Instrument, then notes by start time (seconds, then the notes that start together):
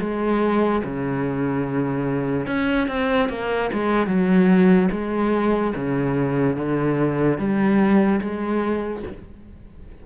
cello
0.00 G#3
0.84 C#3
2.47 C#4
2.88 C4
3.29 A#3
3.73 G#3
4.07 F#3
4.92 G#3
5.76 C#3
6.56 D3
7.38 G3
8.21 G#3